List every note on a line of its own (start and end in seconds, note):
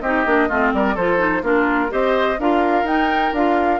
0.00 0.25 C4
0.00 0.26 D#4
0.00 0.48 G4
0.00 0.71 D#5
0.25 0.49 A#3
0.25 0.49 D4
0.48 0.73 A3
0.48 0.97 C4
0.48 0.72 F4
0.73 0.96 G3
0.73 0.94 A#4
0.73 0.96 D5
0.94 1.42 F3
0.94 1.17 F4
0.94 1.42 A4
0.94 1.43 C5
1.17 1.41 D#4
1.42 1.90 A#3
1.42 1.89 D4
1.42 1.91 F4
1.42 1.92 A#4
1.89 2.38 C4
1.89 2.37 G4
1.89 2.39 C5
1.89 2.40 D#5
2.38 2.83 D4
2.38 2.85 F4
2.38 3.80 A#4
2.38 2.86 F5
2.83 3.31 D#4
2.83 3.33 D#4
2.83 3.34 G5
3.32 3.80 D4
3.32 3.80 F4
3.32 3.80 F5